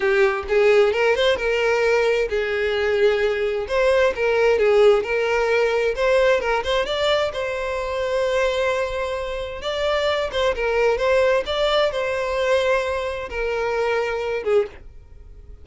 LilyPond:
\new Staff \with { instrumentName = "violin" } { \time 4/4 \tempo 4 = 131 g'4 gis'4 ais'8 c''8 ais'4~ | ais'4 gis'2. | c''4 ais'4 gis'4 ais'4~ | ais'4 c''4 ais'8 c''8 d''4 |
c''1~ | c''4 d''4. c''8 ais'4 | c''4 d''4 c''2~ | c''4 ais'2~ ais'8 gis'8 | }